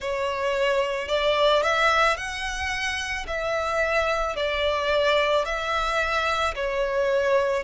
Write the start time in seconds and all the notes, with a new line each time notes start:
0.00 C#5
1.08 D5
1.63 E5
2.17 F#5
3.27 E5
4.36 D5
5.45 E5
6.55 C#5